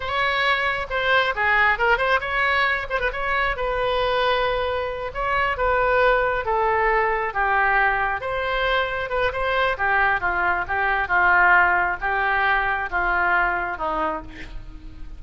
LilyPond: \new Staff \with { instrumentName = "oboe" } { \time 4/4 \tempo 4 = 135 cis''2 c''4 gis'4 | ais'8 c''8 cis''4. c''16 b'16 cis''4 | b'2.~ b'8 cis''8~ | cis''8 b'2 a'4.~ |
a'8 g'2 c''4.~ | c''8 b'8 c''4 g'4 f'4 | g'4 f'2 g'4~ | g'4 f'2 dis'4 | }